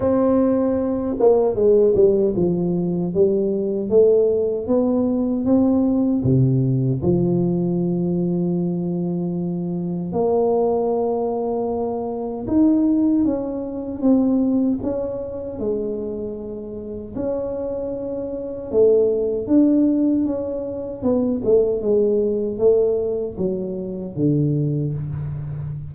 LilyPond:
\new Staff \with { instrumentName = "tuba" } { \time 4/4 \tempo 4 = 77 c'4. ais8 gis8 g8 f4 | g4 a4 b4 c'4 | c4 f2.~ | f4 ais2. |
dis'4 cis'4 c'4 cis'4 | gis2 cis'2 | a4 d'4 cis'4 b8 a8 | gis4 a4 fis4 d4 | }